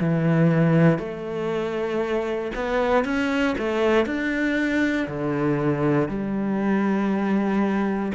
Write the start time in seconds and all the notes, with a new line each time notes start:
0.00 E3
0.98 A3
2.55 B3
3.05 C#4
3.58 A3
4.05 D4
5.08 D3
6.08 G3